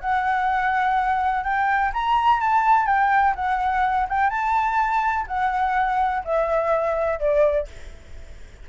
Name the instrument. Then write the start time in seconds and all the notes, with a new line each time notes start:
flute
0.00 F#5
1.44 G5
1.94 A#5
2.40 A5
2.86 G5
3.35 F#5
4.09 G5
4.30 A5
5.27 F#5
6.24 E5
7.19 D5